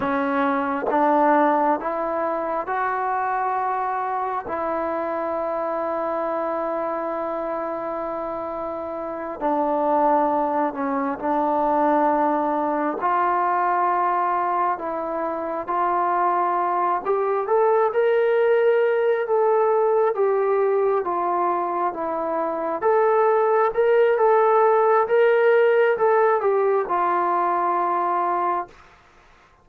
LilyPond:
\new Staff \with { instrumentName = "trombone" } { \time 4/4 \tempo 4 = 67 cis'4 d'4 e'4 fis'4~ | fis'4 e'2.~ | e'2~ e'8 d'4. | cis'8 d'2 f'4.~ |
f'8 e'4 f'4. g'8 a'8 | ais'4. a'4 g'4 f'8~ | f'8 e'4 a'4 ais'8 a'4 | ais'4 a'8 g'8 f'2 | }